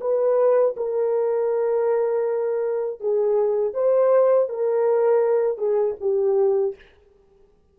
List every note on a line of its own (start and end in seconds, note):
0.00 0.75 B4
0.76 3.00 A#4
3.00 3.73 G#4
3.73 4.48 C5
4.49 5.57 A#4
5.57 5.95 G#4
6.00 6.75 G4